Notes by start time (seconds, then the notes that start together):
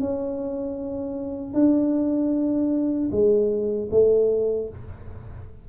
0.00 C#4
1.53 D4
3.11 G#3
3.91 A3